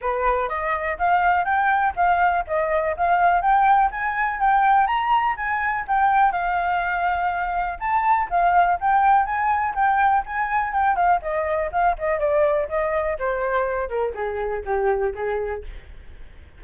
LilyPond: \new Staff \with { instrumentName = "flute" } { \time 4/4 \tempo 4 = 123 b'4 dis''4 f''4 g''4 | f''4 dis''4 f''4 g''4 | gis''4 g''4 ais''4 gis''4 | g''4 f''2. |
a''4 f''4 g''4 gis''4 | g''4 gis''4 g''8 f''8 dis''4 | f''8 dis''8 d''4 dis''4 c''4~ | c''8 ais'8 gis'4 g'4 gis'4 | }